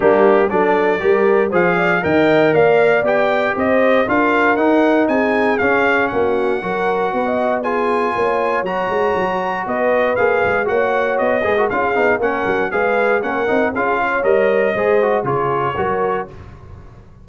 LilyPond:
<<
  \new Staff \with { instrumentName = "trumpet" } { \time 4/4 \tempo 4 = 118 g'4 d''2 f''4 | g''4 f''4 g''4 dis''4 | f''4 fis''4 gis''4 f''4 | fis''2. gis''4~ |
gis''4 ais''2 dis''4 | f''4 fis''4 dis''4 f''4 | fis''4 f''4 fis''4 f''4 | dis''2 cis''2 | }
  \new Staff \with { instrumentName = "horn" } { \time 4/4 d'4 a'4 ais'4 c''8 d''8 | dis''4 d''2 c''4 | ais'2 gis'2 | fis'4 ais'4 b'16 dis''8. gis'4 |
cis''2. b'4~ | b'4 cis''4. b'16 ais'16 gis'4 | ais'4 b'4 ais'4 gis'8 cis''8~ | cis''4 c''4 gis'4 ais'4 | }
  \new Staff \with { instrumentName = "trombone" } { \time 4/4 ais4 d'4 g'4 gis'4 | ais'2 g'2 | f'4 dis'2 cis'4~ | cis'4 fis'2 f'4~ |
f'4 fis'2. | gis'4 fis'4. gis'16 fis'16 f'8 dis'8 | cis'4 gis'4 cis'8 dis'8 f'4 | ais'4 gis'8 fis'8 f'4 fis'4 | }
  \new Staff \with { instrumentName = "tuba" } { \time 4/4 g4 fis4 g4 f4 | dis4 ais4 b4 c'4 | d'4 dis'4 c'4 cis'4 | ais4 fis4 b2 |
ais4 fis8 gis8 fis4 b4 | ais8 gis8 ais4 b8 gis8 cis'8 b8 | ais8 fis8 gis4 ais8 c'8 cis'4 | g4 gis4 cis4 fis4 | }
>>